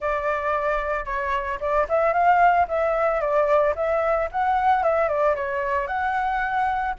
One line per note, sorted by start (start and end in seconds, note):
0.00 1.05 D5
1.05 1.58 C#5
1.60 1.87 D5
1.88 2.13 E5
2.13 2.66 F5
2.67 3.20 E5
3.20 3.74 D5
3.75 4.29 E5
4.31 4.83 F#5
4.83 5.08 E5
5.08 5.35 D5
5.35 5.87 C#5
5.87 6.94 F#5